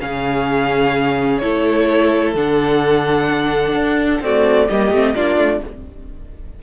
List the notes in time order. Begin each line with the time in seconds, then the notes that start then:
0.00 C#3 C#4 G#4 F5
1.38 A3 E4 A4 C#5
2.34 D3 D4 F#5
3.73 D4
4.21 A3 C4 F#4 D5
4.69 G3 A#3 G4 D#5
4.91 A3 C4
5.15 A#3 D4 F4 D5
5.37 A3